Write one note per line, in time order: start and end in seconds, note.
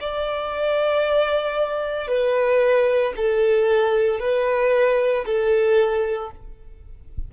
0.00 2.08 D5
2.08 3.13 B4
3.16 4.19 A4
4.19 5.24 B4
5.25 6.31 A4